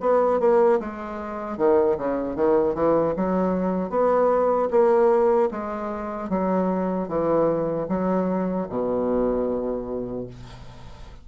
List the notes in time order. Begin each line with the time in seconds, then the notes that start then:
0.00 B3
0.40 A#3
0.80 G#3
1.57 D#3
1.97 C#3
2.36 D#3
2.75 E3
3.16 F#3
3.90 B3
4.70 A#3
5.51 G#3
6.29 F#3
7.08 E3
7.88 F#3
8.69 B2